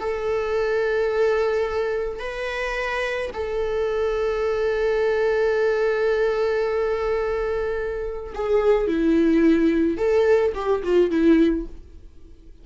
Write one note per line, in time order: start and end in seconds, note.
0.00 2.19 A4
2.19 3.31 B4
3.33 8.34 A4
8.35 8.88 G#4
8.88 9.97 E4
9.97 10.53 A4
10.55 10.83 G4
10.83 11.11 F4
11.11 11.66 E4